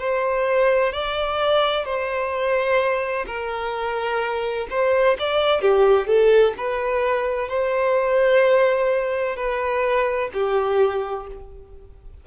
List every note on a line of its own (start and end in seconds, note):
0.00 0.93 C5
0.93 1.85 D5
1.85 3.26 C5
3.27 4.68 A#4
4.71 5.18 C5
5.19 5.62 D5
5.62 6.08 G4
6.08 6.55 A4
6.58 7.49 B4
7.49 9.37 C5
9.37 10.30 B4
10.34 11.28 G4